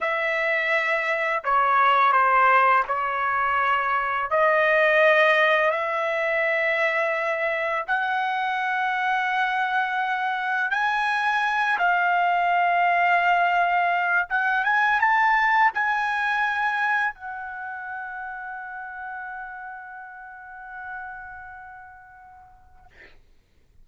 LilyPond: \new Staff \with { instrumentName = "trumpet" } { \time 4/4 \tempo 4 = 84 e''2 cis''4 c''4 | cis''2 dis''2 | e''2. fis''4~ | fis''2. gis''4~ |
gis''8 f''2.~ f''8 | fis''8 gis''8 a''4 gis''2 | fis''1~ | fis''1 | }